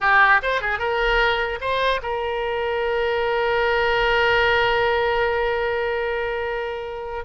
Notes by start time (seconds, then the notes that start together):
0.01 G4
0.42 C5
0.61 G#4
0.78 A#4
1.60 C5
2.02 A#4